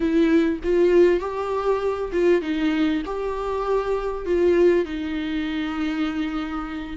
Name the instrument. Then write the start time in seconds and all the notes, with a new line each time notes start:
viola
0.00 E4
0.63 F4
1.20 G4
2.12 F4
2.41 D#4
3.05 G4
4.25 F4
4.85 D#4